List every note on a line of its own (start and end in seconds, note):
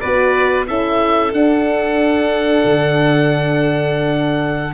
0.00 0.68 B3
0.00 0.67 F#4
0.00 0.66 B4
0.00 0.65 D5
0.67 1.32 C#4
0.67 1.31 E4
0.67 4.73 A4
0.67 1.32 E5
1.31 4.73 D4
1.31 2.62 D4
1.31 4.73 F#5
2.65 4.73 D3